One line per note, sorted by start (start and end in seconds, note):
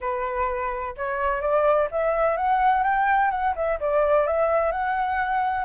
0.00 0.95 B4
0.96 1.41 C#5
1.41 1.88 D5
1.91 2.36 E5
2.36 2.83 F#5
2.83 3.30 G5
3.30 3.54 F#5
3.55 3.79 E5
3.79 4.26 D5
4.26 4.71 E5
4.71 5.64 F#5